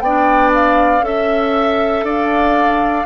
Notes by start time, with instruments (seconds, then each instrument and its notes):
0.00 bassoon B3, clarinet D4, oboe D5, flute G5
0.54 flute F5
1.02 bassoon C#4, clarinet A4, flute E5, oboe E5
2.03 bassoon D4, oboe D5, flute F5